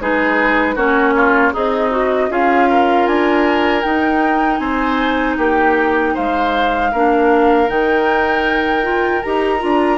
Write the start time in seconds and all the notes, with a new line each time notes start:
0.00 G#3 D#4 G#4 B4
0.75 A#3 C#4 F#4 C#5
1.16 F4
1.52 C4 D#4 G#4 D#5
1.91 F#4
2.29 C#4 F4 G#4 F5
2.69 A#4
3.06 D4 G#5
3.82 D#4 G5
4.57 C4 C5 G#5
5.37 A#3 G4 G5
6.14 G#3 C5 F5
6.91 A#3 D4 A#4
7.68 D#3 D#4 G5
8.82 F4
9.22 D#4 G4 A#5
9.59 D4 F4